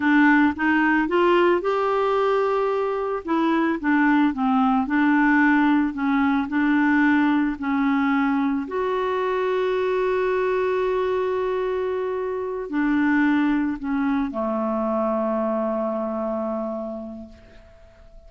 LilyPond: \new Staff \with { instrumentName = "clarinet" } { \time 4/4 \tempo 4 = 111 d'4 dis'4 f'4 g'4~ | g'2 e'4 d'4 | c'4 d'2 cis'4 | d'2 cis'2 |
fis'1~ | fis'2.~ fis'8 d'8~ | d'4. cis'4 a4.~ | a1 | }